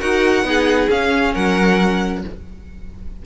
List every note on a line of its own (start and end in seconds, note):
0.00 0.43 D#4
0.00 0.44 F#4
0.00 0.44 A#4
0.00 0.89 F#5
0.43 0.88 B3
0.43 0.89 D#4
0.43 1.33 G#4
0.90 1.34 C#4
0.90 2.25 C#4
0.90 1.34 F5
1.33 2.24 F#3
1.33 2.22 A#4
1.33 2.23 F#5